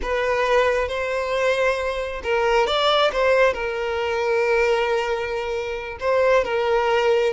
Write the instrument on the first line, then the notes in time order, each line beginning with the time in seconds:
violin
0.02 B4
0.88 C5
2.23 A#4
2.66 D5
3.12 C5
3.53 A#4
6.00 C5
6.44 A#4